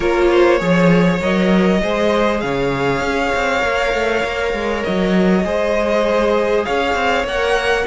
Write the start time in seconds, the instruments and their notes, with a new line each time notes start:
0.00 cello A#3, viola F4, violin A#4 C#5
0.30 violin C5
0.59 cello F3, viola G#4, violin C#5
1.21 cello F#3, viola A#4, violin D#5
1.82 cello G#3, viola G#4, violin C5
2.40 cello C#3, violin C#5 F5
3.00 cello C#4
3.34 cello C4
3.59 cello A#3, viola A#4
3.93 cello A3
4.23 cello A#3
4.53 cello G#3
4.83 cello F#3, violin D#5
5.44 cello G#3, viola G#4, violin C5
6.64 cello C#4, violin C#5 F5
6.94 cello C4
7.23 cello A#3, viola A#4, violin F#5